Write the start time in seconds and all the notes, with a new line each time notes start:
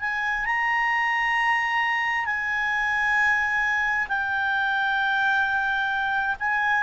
0.00 G#5
0.45 A#5
2.25 G#5
4.08 G5
6.39 G#5